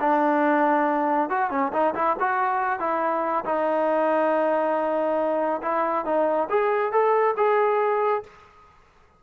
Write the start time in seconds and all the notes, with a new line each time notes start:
0.00 D4
1.30 F#4
1.50 C#4
1.73 D#4
1.94 E4
2.19 F#4
2.79 E4
3.45 D#4
5.62 E4
6.05 D#4
6.49 G#4
6.92 A4
7.37 G#4